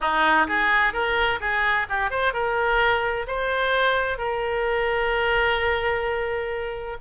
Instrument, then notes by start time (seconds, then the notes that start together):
oboe
0.00 D#4
0.47 G#4
0.93 A#4
1.40 G#4
1.89 G4
2.10 C5
2.33 A#4
3.27 C5
4.18 A#4